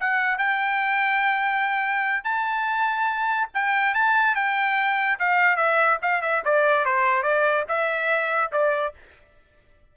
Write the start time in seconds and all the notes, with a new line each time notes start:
0.00 F#5
0.38 G5
2.24 A5
3.54 G5
3.94 A5
4.35 G5
5.19 F5
5.56 E5
6.02 F5
6.22 E5
6.45 D5
6.85 C5
7.23 D5
7.68 E5
8.52 D5